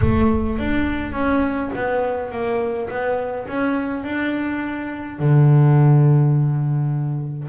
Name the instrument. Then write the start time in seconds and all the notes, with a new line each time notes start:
double bass
0.01 A3
0.58 D4
1.12 C#4
1.75 B3
2.31 A#3
2.89 B3
3.47 C#4
4.03 D4
5.19 D3